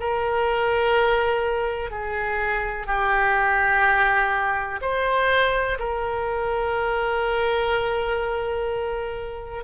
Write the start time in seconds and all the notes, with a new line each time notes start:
0.00 A#4
1.91 G#4
2.87 G4
4.82 C5
5.79 A#4